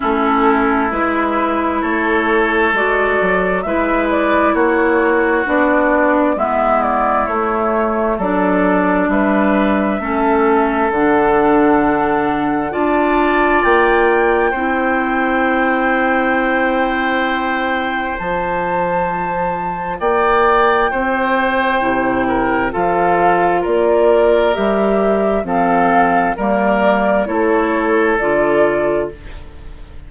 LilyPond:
<<
  \new Staff \with { instrumentName = "flute" } { \time 4/4 \tempo 4 = 66 a'4 b'4 cis''4 d''4 | e''8 d''8 cis''4 d''4 e''8 d''8 | cis''4 d''4 e''2 | fis''2 a''4 g''4~ |
g''1 | a''2 g''2~ | g''4 f''4 d''4 e''4 | f''4 d''4 cis''4 d''4 | }
  \new Staff \with { instrumentName = "oboe" } { \time 4/4 e'2 a'2 | b'4 fis'2 e'4~ | e'4 a'4 b'4 a'4~ | a'2 d''2 |
c''1~ | c''2 d''4 c''4~ | c''8 ais'8 a'4 ais'2 | a'4 ais'4 a'2 | }
  \new Staff \with { instrumentName = "clarinet" } { \time 4/4 cis'4 e'2 fis'4 | e'2 d'4 b4 | a4 d'2 cis'4 | d'2 f'2 |
e'1 | f'1 | e'4 f'2 g'4 | c'4 ais4 e'4 f'4 | }
  \new Staff \with { instrumentName = "bassoon" } { \time 4/4 a4 gis4 a4 gis8 fis8 | gis4 ais4 b4 gis4 | a4 fis4 g4 a4 | d2 d'4 ais4 |
c'1 | f2 ais4 c'4 | c4 f4 ais4 g4 | f4 g4 a4 d4 | }
>>